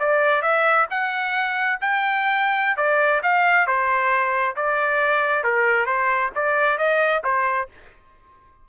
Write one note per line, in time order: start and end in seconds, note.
0.00 0.42 D5
0.42 0.87 E5
0.91 1.79 F#5
1.81 2.77 G5
2.77 3.21 D5
3.23 3.67 F5
3.67 4.56 C5
4.56 5.44 D5
5.44 5.86 A#4
5.86 6.31 C5
6.36 6.78 D5
6.78 7.23 D#5
7.24 7.68 C5